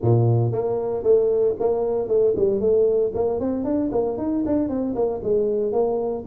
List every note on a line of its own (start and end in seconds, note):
0.01 0.52 A#2
0.52 1.03 A#3
1.03 1.55 A3
1.59 2.08 A#3
2.08 2.34 A3
2.36 2.60 G3
2.60 3.12 A3
3.14 3.40 A#3
3.40 3.64 C4
3.64 3.90 D4
3.91 4.17 A#3
4.17 4.43 D#4
4.46 4.68 D4
4.68 4.94 C4
4.95 5.21 A#3
5.23 5.72 G#3
5.72 6.24 A#3